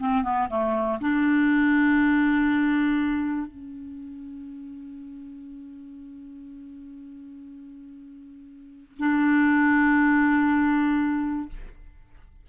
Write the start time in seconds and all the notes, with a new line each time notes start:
0.00 C4
0.23 B3
0.50 A3
1.01 D4
3.47 C#4
8.99 D4